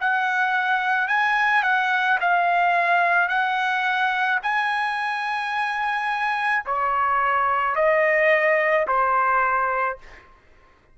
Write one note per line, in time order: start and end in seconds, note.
0.00 1.08 F#5
1.08 1.63 G#5
1.63 2.19 F#5
2.21 3.28 F5
3.28 4.39 F#5
4.42 6.65 G#5
6.66 7.75 C#5
7.75 8.86 D#5
8.87 9.98 C5